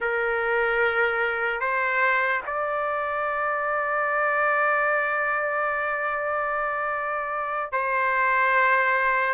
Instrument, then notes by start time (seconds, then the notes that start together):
trumpet
0.00 A#4
1.60 C5
2.46 D5
7.72 C5